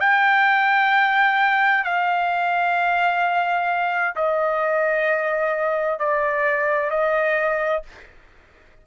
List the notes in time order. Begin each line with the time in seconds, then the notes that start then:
0.00 G5
1.84 F5
4.16 D#5
6.00 D5
6.91 D#5